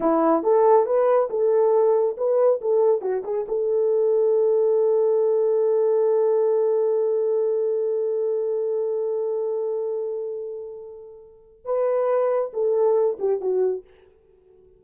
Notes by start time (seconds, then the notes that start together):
0.00 E4
0.43 A4
0.85 B4
1.30 A4
2.17 B4
2.61 A4
3.01 F#4
3.24 G#4
3.47 A4
11.64 B4
12.53 A4
13.19 G4
13.40 F#4